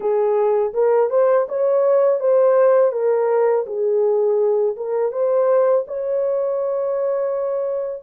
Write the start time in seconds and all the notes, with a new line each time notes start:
0.00 G#4
0.73 A#4
1.10 C5
1.48 C#5
2.20 C5
2.92 A#4
3.66 G#4
4.76 A#4
5.12 C5
5.87 C#5